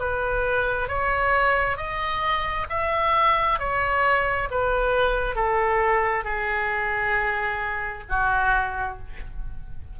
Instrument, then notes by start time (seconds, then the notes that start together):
oboe
0.00 B4
0.88 C#5
1.77 D#5
2.69 E5
3.59 C#5
4.51 B4
5.36 A4
6.24 G#4
8.09 F#4